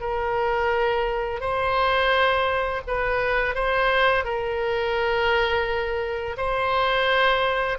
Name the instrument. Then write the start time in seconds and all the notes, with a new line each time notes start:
oboe
0.00 A#4
1.40 C5
2.87 B4
3.54 C5
4.24 A#4
6.37 C5